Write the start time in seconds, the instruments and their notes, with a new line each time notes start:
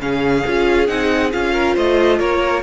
0.00 cello C#3, viola C#4, violin G#4 F5
0.47 cello C#4, viola F4
0.88 cello C4, viola D#4, violin F#5
1.32 cello C#4, viola F4, violin F5
1.54 violin A#4
1.75 cello A3, violin C5 D#5
2.19 cello A#3, violin A#4 C#5